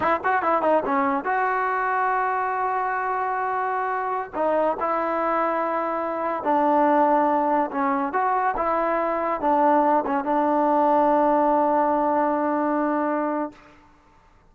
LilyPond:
\new Staff \with { instrumentName = "trombone" } { \time 4/4 \tempo 4 = 142 e'8 fis'8 e'8 dis'8 cis'4 fis'4~ | fis'1~ | fis'2~ fis'16 dis'4 e'8.~ | e'2.~ e'16 d'8.~ |
d'2~ d'16 cis'4 fis'8.~ | fis'16 e'2 d'4. cis'16~ | cis'16 d'2.~ d'8.~ | d'1 | }